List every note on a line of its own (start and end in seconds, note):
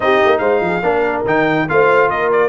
0.00 0.19 C4
0.00 0.82 D#4
0.00 0.39 G4
0.00 0.38 D#5
0.24 0.39 A#3
0.38 0.60 G#3
0.38 0.60 C5
0.38 1.22 F5
0.61 0.82 F3
0.61 0.82 G#4
0.82 1.24 A#3
0.82 1.25 D4
0.82 1.66 A#4
1.25 1.67 D#3
1.25 1.68 D#4
1.25 1.69 G5
1.68 2.10 A3
1.68 2.48 F4
1.68 2.10 C5
1.68 2.10 F5
2.10 2.48 A#3
2.10 2.48 A#4
2.10 2.31 D#5
2.31 2.48 D5